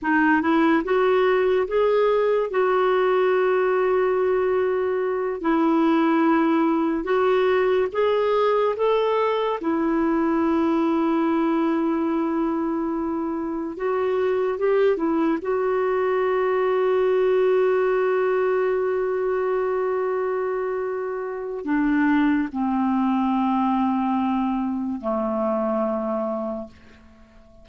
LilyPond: \new Staff \with { instrumentName = "clarinet" } { \time 4/4 \tempo 4 = 72 dis'8 e'8 fis'4 gis'4 fis'4~ | fis'2~ fis'8 e'4.~ | e'8 fis'4 gis'4 a'4 e'8~ | e'1~ |
e'8 fis'4 g'8 e'8 fis'4.~ | fis'1~ | fis'2 d'4 c'4~ | c'2 a2 | }